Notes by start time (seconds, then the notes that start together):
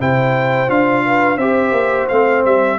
0.00 C3 E4 C5 G5
0.67 D4 F4 F5
1.06 B4
1.37 C4 G4 C5 E5
1.72 A#3
2.08 A3 C4 F5
2.45 G3 E5